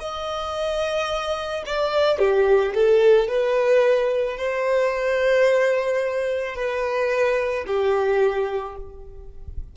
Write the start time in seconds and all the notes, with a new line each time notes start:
0.00 D#5
1.67 D5
2.19 G4
2.75 A4
3.28 B4
4.38 C5
6.56 B4
7.67 G4